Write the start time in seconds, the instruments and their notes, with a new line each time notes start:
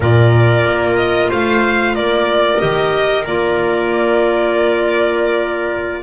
0.00 double bass A#2, clarinet F4, trumpet A#4, violin D5
0.65 double bass A#3
0.96 violin D#5
1.29 double bass A3, trumpet C5, violin F5
1.94 double bass A#3, trumpet A#4, violin D5
2.58 double bass D#3, clarinet G4, violin D#5
3.26 double bass A#3, clarinet F4, violin D5